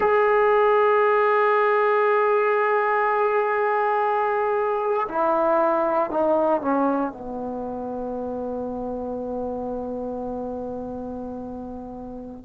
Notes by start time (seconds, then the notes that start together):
0.00 G#4
5.08 E4
6.10 D#4
6.61 C#4
7.12 B3